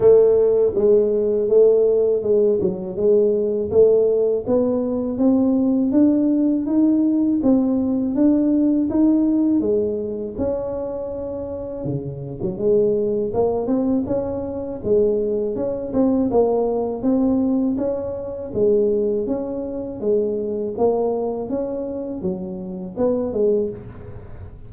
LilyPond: \new Staff \with { instrumentName = "tuba" } { \time 4/4 \tempo 4 = 81 a4 gis4 a4 gis8 fis8 | gis4 a4 b4 c'4 | d'4 dis'4 c'4 d'4 | dis'4 gis4 cis'2 |
cis8. fis16 gis4 ais8 c'8 cis'4 | gis4 cis'8 c'8 ais4 c'4 | cis'4 gis4 cis'4 gis4 | ais4 cis'4 fis4 b8 gis8 | }